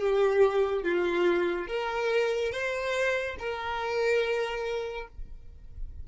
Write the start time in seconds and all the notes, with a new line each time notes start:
0.00 G4
0.83 F4
1.67 A#4
2.52 C5
3.39 A#4